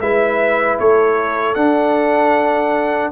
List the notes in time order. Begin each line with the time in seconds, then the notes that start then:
0.00 G#3 E4 B4 E5
0.79 A3 A4 C#5
1.55 D4 F#5